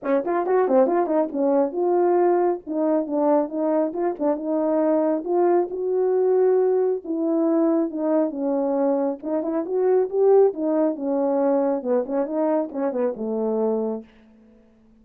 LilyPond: \new Staff \with { instrumentName = "horn" } { \time 4/4 \tempo 4 = 137 cis'8 f'8 fis'8 c'8 f'8 dis'8 cis'4 | f'2 dis'4 d'4 | dis'4 f'8 d'8 dis'2 | f'4 fis'2. |
e'2 dis'4 cis'4~ | cis'4 dis'8 e'8 fis'4 g'4 | dis'4 cis'2 b8 cis'8 | dis'4 cis'8 b8 a2 | }